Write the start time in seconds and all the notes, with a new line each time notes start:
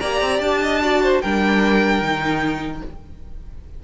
0.00 A#3 G4 D5 A#5
0.21 C4
0.39 D4 A5
0.62 D#5
0.83 F#4 D5
1.04 C5
1.22 G3 D4 A#4 G5
2.01 D#3 D#4